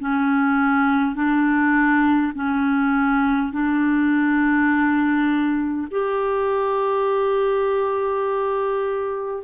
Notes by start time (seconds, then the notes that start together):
0.00 C#4
1.15 D4
2.35 C#4
3.52 D4
5.91 G4